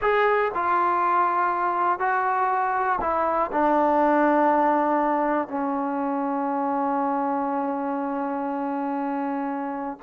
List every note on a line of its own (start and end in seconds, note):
0.01 0.51 G#4
0.54 1.99 F4
1.99 2.99 F#4
3.00 3.50 E4
3.51 5.47 D4
5.47 9.97 C#4